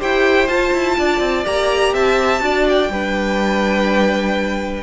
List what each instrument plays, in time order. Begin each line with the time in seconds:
0.00 cello E4, viola G4, violin C5 G5
0.48 cello F4, viola F4, violin A5
0.73 cello E4
0.98 cello D4, violin D5
1.20 cello C4
1.45 cello A#3, viola G4, violin A#5
1.93 cello C4, violin E5 A5
2.40 cello D4, viola F#4, violin D5
2.69 violin G5
2.90 cello G3, viola D4, violin B4